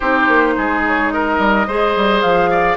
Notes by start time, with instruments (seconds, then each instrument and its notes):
0.00 bassoon C4, clarinet D#4, oboe G4, flute C5
0.28 bassoon A#3
0.57 bassoon G#3, oboe G#4
0.87 flute C#5
1.11 oboe A#4, flute D#5
1.38 bassoon G3
1.67 bassoon G#3, clarinet G#4, oboe C5
1.96 bassoon G3
2.21 bassoon F3, flute F5
2.50 oboe D5